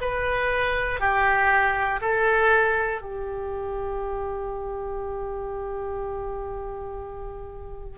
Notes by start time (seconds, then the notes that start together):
0.00 B4
1.00 G4
2.01 A4
3.01 G4